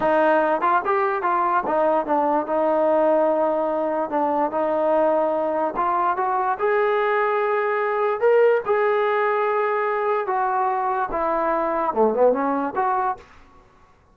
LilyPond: \new Staff \with { instrumentName = "trombone" } { \time 4/4 \tempo 4 = 146 dis'4. f'8 g'4 f'4 | dis'4 d'4 dis'2~ | dis'2 d'4 dis'4~ | dis'2 f'4 fis'4 |
gis'1 | ais'4 gis'2.~ | gis'4 fis'2 e'4~ | e'4 a8 b8 cis'4 fis'4 | }